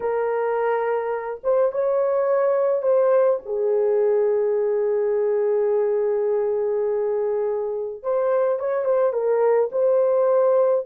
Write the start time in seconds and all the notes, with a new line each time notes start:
0.00 A#4
1.43 C5
1.72 C#5
2.82 C5
3.45 G#4
8.02 C5
8.59 C#5
8.84 C5
9.12 A#4
9.72 C5